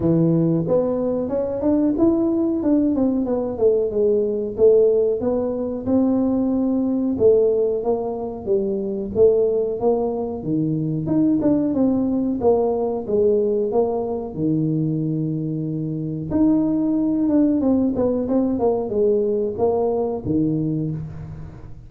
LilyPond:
\new Staff \with { instrumentName = "tuba" } { \time 4/4 \tempo 4 = 92 e4 b4 cis'8 d'8 e'4 | d'8 c'8 b8 a8 gis4 a4 | b4 c'2 a4 | ais4 g4 a4 ais4 |
dis4 dis'8 d'8 c'4 ais4 | gis4 ais4 dis2~ | dis4 dis'4. d'8 c'8 b8 | c'8 ais8 gis4 ais4 dis4 | }